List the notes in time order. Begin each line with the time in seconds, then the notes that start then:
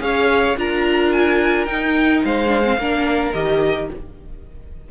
0.00 C#4 G#4 C#5 F5
0.57 D4 F4 A#4 A#5
1.12 G#5
1.66 D#4 G5
2.25 G#3 C5 F5
2.48 D4
2.64 C4
2.78 A#3 D4 A#4
3.33 D#3 G4 D#5